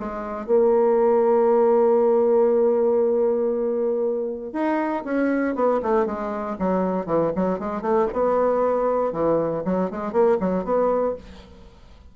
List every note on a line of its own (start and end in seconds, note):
0.00 0.47 G#3
0.47 4.53 A#3
4.53 5.04 D#4
5.05 5.55 C#4
5.55 5.81 B3
5.83 6.06 A3
6.06 6.57 G#3
6.59 7.07 F#3
7.07 7.32 E3
7.36 7.59 F#3
7.59 7.82 G#3
7.82 8.07 A3
8.13 9.13 B3
9.13 9.64 E3
9.65 9.91 F#3
9.91 10.13 G#3
10.13 10.38 A#3
10.41 10.65 F#3
10.65 11.16 B3